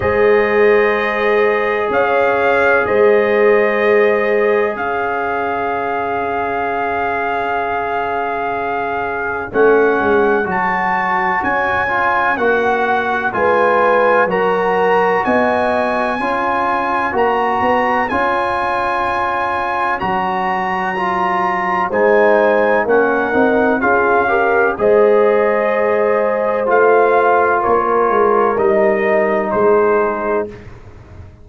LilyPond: <<
  \new Staff \with { instrumentName = "trumpet" } { \time 4/4 \tempo 4 = 63 dis''2 f''4 dis''4~ | dis''4 f''2.~ | f''2 fis''4 a''4 | gis''4 fis''4 gis''4 ais''4 |
gis''2 ais''4 gis''4~ | gis''4 ais''2 gis''4 | fis''4 f''4 dis''2 | f''4 cis''4 dis''4 c''4 | }
  \new Staff \with { instrumentName = "horn" } { \time 4/4 c''2 cis''4 c''4~ | c''4 cis''2.~ | cis''1~ | cis''2 b'4 ais'4 |
dis''4 cis''2.~ | cis''2. c''4 | ais'4 gis'8 ais'8 c''2~ | c''4 ais'2 gis'4 | }
  \new Staff \with { instrumentName = "trombone" } { \time 4/4 gis'1~ | gis'1~ | gis'2 cis'4 fis'4~ | fis'8 f'8 fis'4 f'4 fis'4~ |
fis'4 f'4 fis'4 f'4~ | f'4 fis'4 f'4 dis'4 | cis'8 dis'8 f'8 g'8 gis'2 | f'2 dis'2 | }
  \new Staff \with { instrumentName = "tuba" } { \time 4/4 gis2 cis'4 gis4~ | gis4 cis'2.~ | cis'2 a8 gis8 fis4 | cis'4 ais4 gis4 fis4 |
b4 cis'4 ais8 b8 cis'4~ | cis'4 fis2 gis4 | ais8 c'8 cis'4 gis2 | a4 ais8 gis8 g4 gis4 | }
>>